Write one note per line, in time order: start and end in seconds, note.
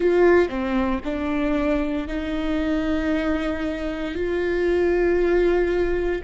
0.00 0.48 F4
0.48 1.00 C4
1.04 2.07 D4
2.07 4.14 D#4
4.14 6.21 F4